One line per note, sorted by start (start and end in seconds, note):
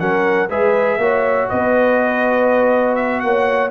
0.00 0.50 F#3
0.00 0.50 C#4
0.00 0.50 A#4
0.00 0.50 F#5
0.50 0.98 G#3
0.50 1.00 G#4
0.50 0.99 B4
0.50 1.49 E5
0.98 1.48 A#3
0.98 3.71 F#4
0.98 1.50 C#5
1.49 3.24 B3
1.49 3.23 B4
1.49 2.96 D#5
2.96 3.20 E5
3.20 3.71 A#3
3.20 3.71 C#5
3.20 3.70 F#5